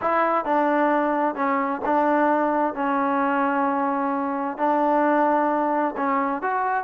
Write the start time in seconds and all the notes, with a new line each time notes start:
0.01 E4
0.44 D4
1.35 C#4
1.85 D4
2.74 C#4
4.57 D4
5.96 C#4
6.41 F#4